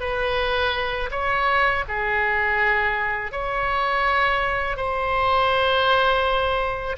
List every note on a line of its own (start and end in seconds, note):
0.00 1.10 B4
1.11 1.84 C#5
1.88 3.32 G#4
3.32 4.77 C#5
4.77 6.96 C5